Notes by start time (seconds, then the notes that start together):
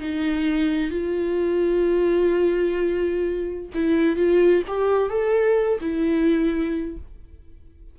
0.00 D#4
0.91 F4
3.74 E4
4.16 F4
4.67 G4
5.10 A4
5.81 E4